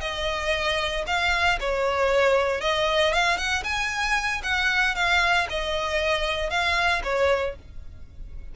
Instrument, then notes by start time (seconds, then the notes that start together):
violin
0.00 D#5
1.06 F5
1.59 C#5
2.60 D#5
3.13 F5
3.37 F#5
3.63 G#5
4.43 F#5
4.95 F5
5.49 D#5
6.50 F5
7.03 C#5